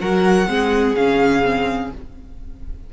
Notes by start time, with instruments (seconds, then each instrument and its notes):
0.00 cello F#3, viola F#4, violin A#4 F#5
0.47 cello G#3, viola C4, violin G#4
0.95 cello C#3, viola C#4, violin F5
1.43 viola C4